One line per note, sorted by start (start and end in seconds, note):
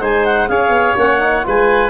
0.00 0.48 G#3
0.00 0.49 D#4
0.00 0.48 C5
0.00 0.25 G#5
0.25 0.48 F#5
0.48 0.69 C#4
0.48 0.97 G#4
0.48 1.46 C#5
0.48 0.97 F5
0.69 0.93 B3
0.96 1.45 A#3
0.96 1.19 C#4
0.96 1.46 F#5
1.19 1.43 D#4
1.43 1.90 G#3
1.43 1.90 F4
1.43 1.90 B4
1.43 1.90 G#5